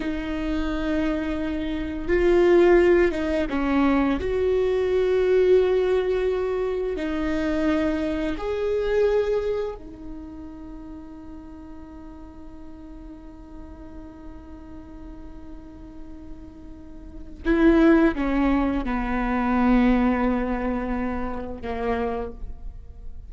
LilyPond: \new Staff \with { instrumentName = "viola" } { \time 4/4 \tempo 4 = 86 dis'2. f'4~ | f'8 dis'8 cis'4 fis'2~ | fis'2 dis'2 | gis'2 dis'2~ |
dis'1~ | dis'1~ | dis'4 e'4 cis'4 b4~ | b2. ais4 | }